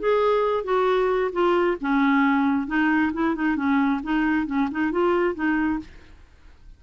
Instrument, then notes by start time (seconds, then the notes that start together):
clarinet
0.00 G#4
0.65 F#4
1.33 F4
1.81 C#4
2.67 D#4
3.14 E4
3.36 D#4
3.57 C#4
4.04 D#4
4.47 C#4
4.72 D#4
4.92 F4
5.35 D#4